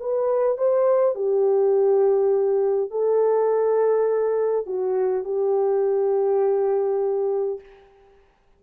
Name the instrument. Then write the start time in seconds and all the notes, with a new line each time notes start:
horn
0.00 B4
0.58 C5
1.16 G4
2.91 A4
4.67 F#4
5.25 G4